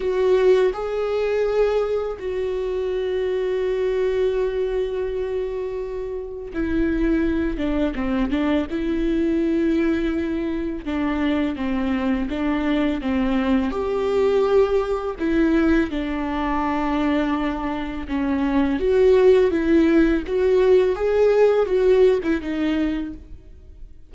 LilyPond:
\new Staff \with { instrumentName = "viola" } { \time 4/4 \tempo 4 = 83 fis'4 gis'2 fis'4~ | fis'1~ | fis'4 e'4. d'8 c'8 d'8 | e'2. d'4 |
c'4 d'4 c'4 g'4~ | g'4 e'4 d'2~ | d'4 cis'4 fis'4 e'4 | fis'4 gis'4 fis'8. e'16 dis'4 | }